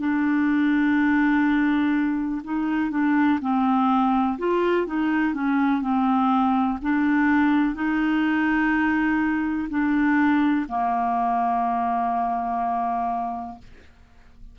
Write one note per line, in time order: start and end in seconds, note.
0.00 2.42 D4
2.44 2.91 D#4
2.91 3.40 D4
3.41 4.38 C4
4.39 4.87 F4
4.87 5.34 D#4
5.34 5.82 C#4
5.82 6.79 C4
6.82 7.75 D4
7.75 9.69 D#4
9.70 10.67 D4
10.68 13.59 A#3